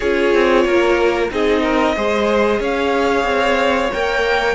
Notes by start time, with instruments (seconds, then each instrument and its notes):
0.00 cello C#4, viola F4, violin G#4 C#5
0.34 cello C4
0.64 cello A#3, violin A#4
1.29 cello C4, viola D#4, violin G#4 D#5
1.62 violin A#4
1.96 cello G#3, viola G#4, violin C5
2.59 cello C#4, violin C#5 F5
3.24 cello C4
3.92 cello A#3, viola A#4, violin G5